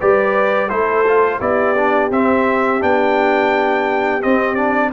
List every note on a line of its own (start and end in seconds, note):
0.00 0.70 G3
0.00 0.70 G4
0.00 0.68 B4
0.00 0.70 D5
0.68 1.41 A3
0.68 1.05 E4
0.68 1.39 A4
0.68 1.40 C5
1.08 1.41 F4
1.39 2.11 B3
1.39 1.76 E4
1.39 4.92 G4
1.39 2.12 D5
1.76 2.12 D4
2.11 2.82 C4
2.11 2.80 C4
2.11 2.83 E5
2.80 4.24 B3
2.80 4.22 D4
2.80 4.23 G5
4.22 4.57 C4
4.22 4.93 C4
4.22 4.55 D#5
4.55 4.92 D4
4.55 4.90 D5